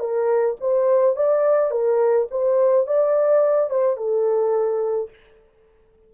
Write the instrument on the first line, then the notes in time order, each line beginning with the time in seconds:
horn
0.00 A#4
0.61 C5
1.16 D5
1.71 A#4
2.31 C5
2.87 D5
3.70 C5
3.97 A4